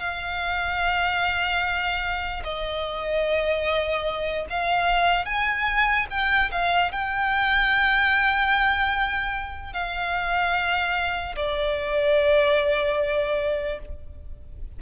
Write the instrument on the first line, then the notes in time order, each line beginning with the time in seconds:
violin
0.00 F5
2.44 D#5
4.50 F5
5.26 G#5
6.10 G5
6.52 F5
6.92 G5
9.73 F5
11.36 D5